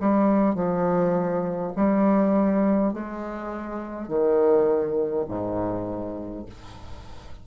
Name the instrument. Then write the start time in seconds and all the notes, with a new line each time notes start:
bassoon
0.00 G3
0.55 F3
1.76 G3
2.93 G#3
4.07 D#3
5.28 G#2